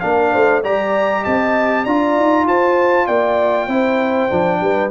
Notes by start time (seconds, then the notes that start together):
0.00 A#3 D4 A#4 F5
0.32 A3 C5
0.62 G3 G4 D5 A#5
1.21 C4 D#5 A5
1.83 D4 F4 D5 A#5
2.17 D#4
2.47 F4 C5 A5
3.07 A#3 D5 G5
3.67 C4 E4 C5
4.29 F3 D4
4.61 G3 B4